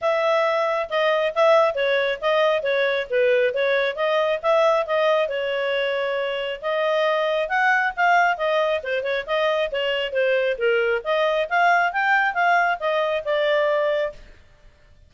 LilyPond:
\new Staff \with { instrumentName = "clarinet" } { \time 4/4 \tempo 4 = 136 e''2 dis''4 e''4 | cis''4 dis''4 cis''4 b'4 | cis''4 dis''4 e''4 dis''4 | cis''2. dis''4~ |
dis''4 fis''4 f''4 dis''4 | c''8 cis''8 dis''4 cis''4 c''4 | ais'4 dis''4 f''4 g''4 | f''4 dis''4 d''2 | }